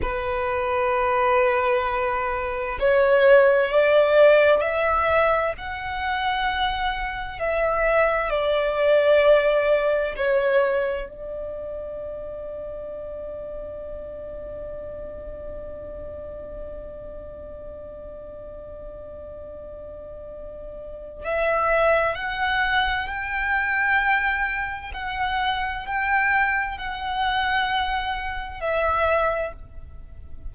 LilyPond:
\new Staff \with { instrumentName = "violin" } { \time 4/4 \tempo 4 = 65 b'2. cis''4 | d''4 e''4 fis''2 | e''4 d''2 cis''4 | d''1~ |
d''1~ | d''2. e''4 | fis''4 g''2 fis''4 | g''4 fis''2 e''4 | }